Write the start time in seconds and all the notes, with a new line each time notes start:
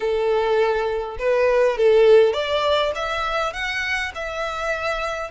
0.00 A4
1.18 B4
1.77 A4
2.33 D5
2.95 E5
3.53 F#5
4.14 E5